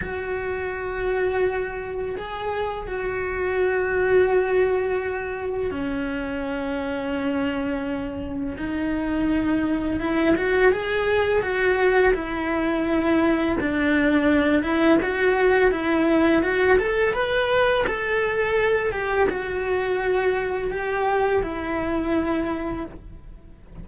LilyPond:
\new Staff \with { instrumentName = "cello" } { \time 4/4 \tempo 4 = 84 fis'2. gis'4 | fis'1 | cis'1 | dis'2 e'8 fis'8 gis'4 |
fis'4 e'2 d'4~ | d'8 e'8 fis'4 e'4 fis'8 a'8 | b'4 a'4. g'8 fis'4~ | fis'4 g'4 e'2 | }